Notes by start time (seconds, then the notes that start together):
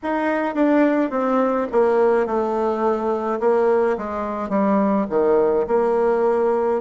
0.03 D#4
0.54 D4
1.10 C4
1.71 A#3
2.26 A3
3.40 A#3
3.97 G#3
4.49 G3
5.09 D#3
5.67 A#3